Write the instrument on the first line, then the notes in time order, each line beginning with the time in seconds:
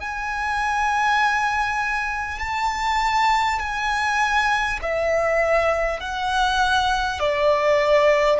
violin
0.00 G#5
2.39 A5
3.59 G#5
4.82 E5
6.00 F#5
7.20 D5